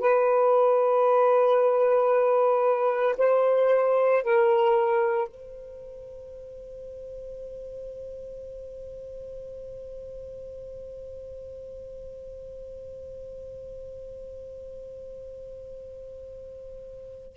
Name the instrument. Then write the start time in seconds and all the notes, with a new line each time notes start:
saxophone
0.00 B4
3.18 C5
4.23 A#4
5.28 C5